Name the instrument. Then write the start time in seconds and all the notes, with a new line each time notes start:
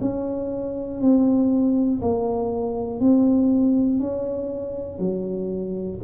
tuba
0.00 C#4
1.00 C4
2.00 A#3
3.00 C4
4.00 C#4
4.99 F#3